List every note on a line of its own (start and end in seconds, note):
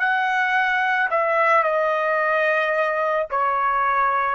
0.00 1.09 F#5
1.11 1.64 E5
1.64 3.27 D#5
3.30 4.35 C#5